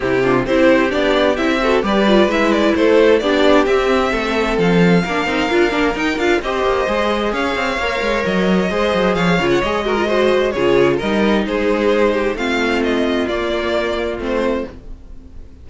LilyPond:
<<
  \new Staff \with { instrumentName = "violin" } { \time 4/4 \tempo 4 = 131 g'4 c''4 d''4 e''4 | d''4 e''8 d''8 c''4 d''4 | e''2 f''2~ | f''4 g''8 f''8 dis''2 |
f''2 dis''2 | f''8. fis''16 dis''2 cis''4 | dis''4 c''2 f''4 | dis''4 d''2 c''4 | }
  \new Staff \with { instrumentName = "violin" } { \time 4/4 e'8 f'8 g'2~ g'8 a'8 | b'2 a'4 g'4~ | g'4 a'2 ais'4~ | ais'2 c''2 |
cis''2. c''4 | cis''4. ais'8 c''4 gis'4 | ais'4 gis'4. g'8 f'4~ | f'1 | }
  \new Staff \with { instrumentName = "viola" } { \time 4/4 c'8 d'8 e'4 d'4 e'8 fis'8 | g'8 f'8 e'2 d'4 | c'2. d'8 dis'8 | f'8 d'8 dis'8 f'8 g'4 gis'4~ |
gis'4 ais'2 gis'4~ | gis'8 f'8 gis'8 fis'16 f'16 fis'4 f'4 | dis'2. c'4~ | c'4 ais2 c'4 | }
  \new Staff \with { instrumentName = "cello" } { \time 4/4 c4 c'4 b4 c'4 | g4 gis4 a4 b4 | c'4 a4 f4 ais8 c'8 | d'8 ais8 dis'8 d'8 c'8 ais8 gis4 |
cis'8 c'8 ais8 gis8 fis4 gis8 fis8 | f8 cis8 gis2 cis4 | g4 gis2 a4~ | a4 ais2 a4 | }
>>